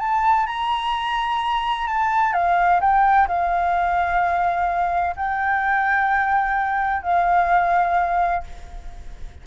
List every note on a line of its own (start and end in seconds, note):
0.00 0.47 A5
0.47 1.88 A#5
1.88 2.34 A5
2.34 2.80 F5
2.81 3.28 G5
3.28 5.16 F5
5.16 7.03 G5
7.03 8.44 F5